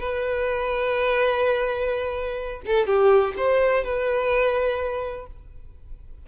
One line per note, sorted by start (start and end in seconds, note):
0.00 2.62 B4
2.66 2.87 A4
2.87 3.34 G4
3.37 3.84 C5
3.84 5.27 B4